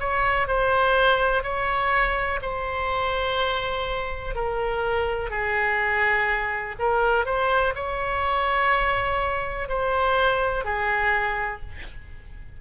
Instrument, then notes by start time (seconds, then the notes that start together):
oboe
0.00 C#5
0.48 C5
1.43 C#5
2.42 C5
4.35 A#4
5.30 G#4
6.79 A#4
7.25 C5
7.76 C#5
9.69 C5
10.65 G#4